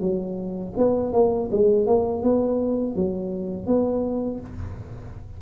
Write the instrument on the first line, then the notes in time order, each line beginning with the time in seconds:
tuba
0.00 F#3
0.77 B3
1.12 A#3
1.51 G#3
1.87 A#3
2.23 B3
2.95 F#3
3.67 B3